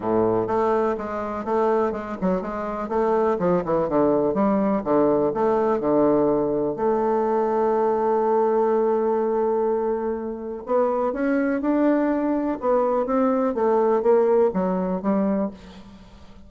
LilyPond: \new Staff \with { instrumentName = "bassoon" } { \time 4/4 \tempo 4 = 124 a,4 a4 gis4 a4 | gis8 fis8 gis4 a4 f8 e8 | d4 g4 d4 a4 | d2 a2~ |
a1~ | a2 b4 cis'4 | d'2 b4 c'4 | a4 ais4 fis4 g4 | }